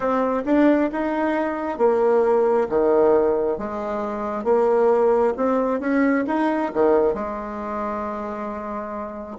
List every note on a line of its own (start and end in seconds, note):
0.00 0.43 C4
0.45 0.90 D4
0.92 1.78 D#4
1.78 2.67 A#3
2.69 3.58 D#3
3.58 4.44 G#3
4.44 5.33 A#3
5.36 5.80 C4
5.80 6.24 C#4
6.26 6.71 D#4
6.73 7.14 D#3
7.14 9.37 G#3